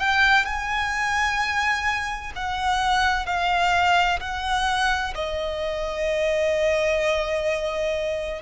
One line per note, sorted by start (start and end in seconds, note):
0.00 0.46 G5
0.46 2.33 G#5
2.36 3.26 F#5
3.26 4.20 F5
4.21 5.14 F#5
5.15 8.42 D#5